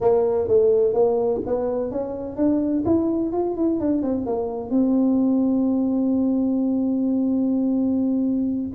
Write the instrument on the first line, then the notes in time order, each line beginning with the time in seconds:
tuba
0.00 A#3
0.48 A3
0.93 A#3
1.46 B3
1.91 C#4
2.36 D4
2.85 E4
3.32 F4
3.56 E4
3.79 D4
4.02 C4
4.26 A#3
4.70 C4